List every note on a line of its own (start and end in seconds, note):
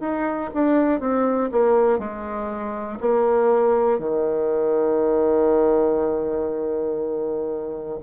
0.00 0.50 D#4
0.54 1.00 D4
1.00 1.50 C4
1.51 1.99 A#3
1.99 2.99 G#3
3.00 3.99 A#3
3.99 7.99 D#3